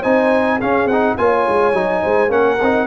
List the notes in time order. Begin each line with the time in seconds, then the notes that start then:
0.00 C4 D#4 C5 G#5
0.57 C#4 G#4 F5
0.85 C4 F#5
0.92 D#4
1.17 A#3 F4 C#5 G#5
1.48 G#3
1.73 F#3 D#4
2.02 G#3 C5
2.29 A#3 C#4 A#4 F#5
2.61 C4 D#4